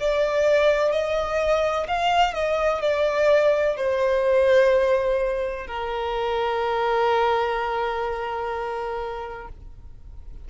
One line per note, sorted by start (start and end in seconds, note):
0.00 0.92 D5
0.92 1.87 D#5
1.88 2.34 F5
2.34 2.82 D#5
2.82 3.77 D5
3.77 5.68 C5
5.68 9.48 A#4